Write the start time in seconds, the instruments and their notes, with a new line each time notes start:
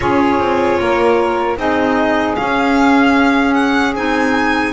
0.00 double bass C#4, clarinet F4, saxophone G#4, violin C#5
0.39 double bass C4
0.79 double bass A#3, saxophone A#4
1.57 double bass C4, clarinet D#4, saxophone G#4, violin D#5
2.35 clarinet C#4, double bass C#4, violin F5
3.54 violin F#5
3.95 double bass C4, clarinet D#4, violin G#5